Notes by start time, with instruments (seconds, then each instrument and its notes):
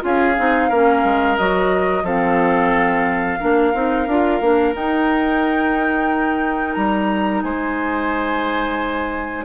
0.00 bassoon C#4, clarinet F4, oboe G#4, flute F5
0.37 bassoon C4, clarinet D#4
0.69 bassoon A#3, clarinet C#4, oboe A#4
1.04 bassoon G#3
1.37 bassoon F#3, clarinet F#4, flute D#5
2.03 bassoon F3, clarinet C4, oboe A4, flute F5
3.39 bassoon A#3, clarinet D4, oboe A#4
3.73 bassoon C4, clarinet D#4
4.07 bassoon D4, clarinet F4
4.40 bassoon A#3, clarinet D4
4.73 clarinet D#4, bassoon D#4, flute G5
6.74 bassoon G3, flute A#5
7.42 bassoon G#3, oboe C5, flute G#5